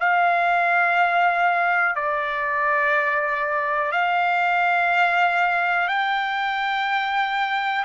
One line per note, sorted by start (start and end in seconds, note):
0.00 1.96 F5
1.96 3.92 D5
3.92 5.88 F5
5.88 7.85 G5